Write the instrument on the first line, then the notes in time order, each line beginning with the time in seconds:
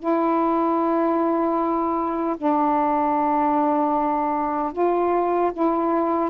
saxophone
0.00 E4
2.38 D4
4.73 F4
5.53 E4